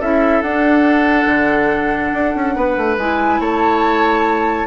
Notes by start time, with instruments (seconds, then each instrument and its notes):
0.00 bassoon C#4, clarinet E4, oboe A4, flute E5
0.42 bassoon D4, clarinet D4, flute F#5
1.26 bassoon D3
2.13 bassoon D4
2.35 bassoon C#4
2.56 bassoon B3, oboe B4
2.77 bassoon A3
2.97 bassoon G#3, clarinet E4, flute G#5
3.40 bassoon A3, oboe C#5, flute A5